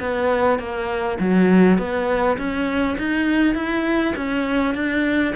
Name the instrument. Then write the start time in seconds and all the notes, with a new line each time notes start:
cello
0.00 B3
0.59 A#3
1.20 F#3
1.78 B3
2.38 C#4
2.98 D#4
3.55 E4
4.16 C#4
4.75 D4